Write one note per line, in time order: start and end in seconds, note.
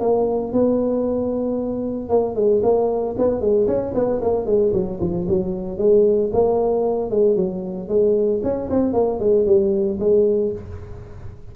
0.00 0.53 A#3
0.53 2.09 B3
2.09 2.35 A#3
2.35 2.62 G#3
2.63 3.16 A#3
3.18 3.41 B3
3.41 3.67 G#3
3.67 3.93 C#4
3.94 4.21 B3
4.22 4.46 A#3
4.46 4.72 G#3
4.73 5.00 F#3
5.00 5.27 F3
5.28 5.78 F#3
5.78 6.31 G#3
6.33 7.11 A#3
7.11 7.36 G#3
7.36 7.89 F#3
7.89 8.41 G#3
8.43 8.69 C#4
8.70 8.93 C4
8.93 9.20 A#3
9.20 9.46 G#3
9.46 9.99 G3
10.00 10.52 G#3